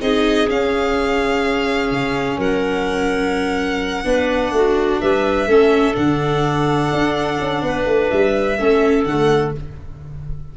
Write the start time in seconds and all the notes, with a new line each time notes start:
0.00 C4 D#4 G#4 D#5
0.48 C#4 F5
1.90 C#3
2.37 F#3 A#4 F#5
4.04 B3 D4 B4
4.51 A3 F#4
5.00 G3 B4 E5
5.47 A3 C#4 A4
5.93 D3 D4 F#5
6.92 D4
7.40 C#4
7.61 B3 B4
7.85 A3
8.10 G3 E5
8.58 A3 C#4 A4
9.04 D3 A3 F#5